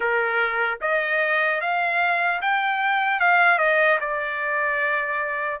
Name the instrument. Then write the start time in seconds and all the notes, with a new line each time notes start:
trumpet
0.00 A#4
0.81 D#5
1.60 F5
2.41 G5
3.20 F5
3.58 D#5
4.00 D5